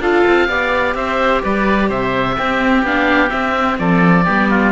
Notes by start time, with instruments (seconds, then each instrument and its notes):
0.00 cello D4, viola F4, oboe A4 F5
0.27 cello C4
0.48 cello B3, viola G4, oboe D5
0.95 cello C4, oboe C5 E5
1.44 cello G3, oboe B4 D5
1.89 cello C3, oboe C5 E5
2.38 viola C4, cello C4, oboe G4
2.83 cello B3, viola D4, oboe F5
3.28 viola C4, cello C4, oboe E5
3.79 cello F3, oboe A4 D5
4.25 cello G3, viola B3, oboe G4
4.50 oboe F4